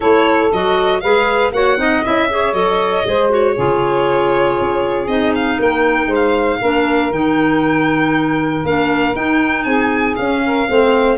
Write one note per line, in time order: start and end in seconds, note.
0.00 0.52 A3
0.00 0.51 E4
0.00 1.01 A4
0.00 0.51 C#5
0.52 1.03 F#3
0.52 1.02 F#4
0.52 1.00 D#5
1.00 1.51 G#3
1.00 1.53 G#4
1.00 1.53 B4
1.00 1.51 F5
1.51 1.77 A#3
1.51 1.77 F#4
1.51 1.79 C#5
1.51 2.03 F#5
1.77 2.02 C4
1.77 2.02 D#4
1.77 2.30 D#5
2.03 2.52 C#4
2.03 2.29 E4
2.03 2.53 E5
2.29 2.53 G#4
2.29 3.07 C#5
2.52 3.03 F#3
2.52 3.04 A4
2.52 3.29 D#5
3.04 3.56 G#3
3.04 3.29 G#4
3.04 3.54 C5
3.29 3.54 F#4
3.29 5.07 C#5
3.54 4.59 C#3
3.54 5.08 F4
3.54 5.56 G#4
4.60 5.07 C#4
5.07 5.57 C4
5.07 6.61 D#4
5.07 5.33 D#5
5.35 5.60 F5
5.56 6.06 A#3
5.56 6.07 A#4
5.56 6.12 G5
6.06 6.57 G#3
6.06 6.58 C5
6.15 7.12 F5
6.60 7.11 A#3
6.60 7.12 D4
6.60 9.65 A#4
7.11 8.63 D#3
7.11 8.64 D#4
7.11 8.65 G5
8.64 9.15 A#3
8.64 9.14 D4
8.64 9.15 F5
9.14 10.16 D#4
9.14 9.65 D#4
9.14 9.63 G5
9.63 10.16 C4
9.63 10.42 G#4
9.63 10.14 G#5
10.16 10.68 C#4
10.16 11.17 F5
10.45 10.69 A#4
10.68 11.18 A3
10.68 11.18 C4
10.68 11.18 C5